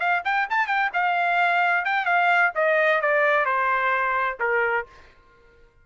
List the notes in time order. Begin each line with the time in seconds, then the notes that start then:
0.00 F5
0.25 G5
0.50 A5
0.67 G5
0.94 F5
1.85 G5
2.06 F5
2.55 D#5
3.01 D5
3.46 C5
4.40 A#4